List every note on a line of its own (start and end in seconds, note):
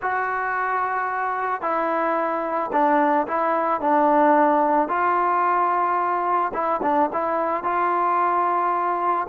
0.01 1.61 F#4
1.61 2.70 E4
2.72 3.27 D4
3.27 3.80 E4
3.80 4.88 D4
4.88 6.52 F4
6.53 6.80 E4
6.82 7.09 D4
7.13 7.63 E4
7.63 9.27 F4